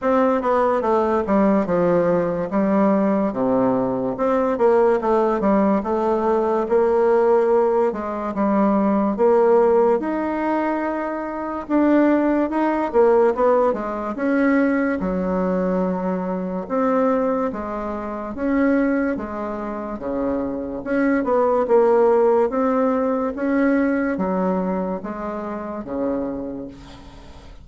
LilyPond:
\new Staff \with { instrumentName = "bassoon" } { \time 4/4 \tempo 4 = 72 c'8 b8 a8 g8 f4 g4 | c4 c'8 ais8 a8 g8 a4 | ais4. gis8 g4 ais4 | dis'2 d'4 dis'8 ais8 |
b8 gis8 cis'4 fis2 | c'4 gis4 cis'4 gis4 | cis4 cis'8 b8 ais4 c'4 | cis'4 fis4 gis4 cis4 | }